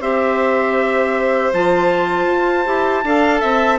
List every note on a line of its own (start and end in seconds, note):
0.00 1.52 C4
0.00 1.53 G4
0.00 3.04 C5
0.00 1.53 E5
1.53 2.27 F3
1.53 2.65 F4
1.53 3.79 A5
2.27 2.65 F4
2.65 3.04 E4
2.65 3.03 G4
3.04 3.42 D4
3.04 3.79 A4
3.04 3.41 F5
3.41 3.79 C4
3.41 3.79 E5